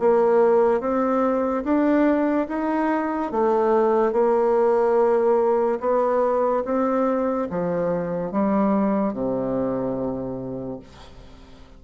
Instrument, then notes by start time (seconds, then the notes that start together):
bassoon
0.00 A#3
0.81 C4
1.64 D4
2.48 D#4
3.32 A3
4.13 A#3
5.81 B3
6.65 C4
7.50 F3
8.32 G3
9.13 C3